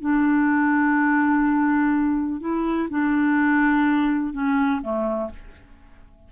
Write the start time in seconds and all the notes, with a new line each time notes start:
0.00 D4
2.40 E4
2.90 D4
4.33 C#4
4.82 A3